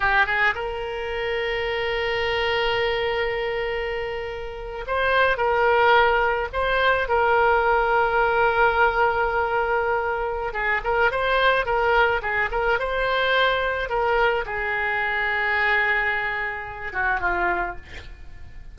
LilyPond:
\new Staff \with { instrumentName = "oboe" } { \time 4/4 \tempo 4 = 108 g'8 gis'8 ais'2.~ | ais'1~ | ais'8. c''4 ais'2 c''16~ | c''8. ais'2.~ ais'16~ |
ais'2. gis'8 ais'8 | c''4 ais'4 gis'8 ais'8 c''4~ | c''4 ais'4 gis'2~ | gis'2~ gis'8 fis'8 f'4 | }